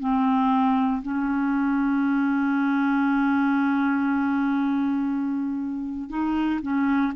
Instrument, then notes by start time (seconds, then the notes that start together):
clarinet
0.00 C4
1.03 C#4
6.10 D#4
6.62 C#4